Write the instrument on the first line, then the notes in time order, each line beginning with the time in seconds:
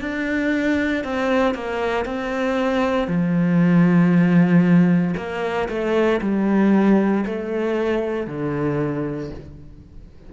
cello
0.00 D4
1.03 C4
1.54 A#3
2.05 C4
3.07 F3
5.17 A#3
5.68 A3
6.21 G3
7.26 A3
8.27 D3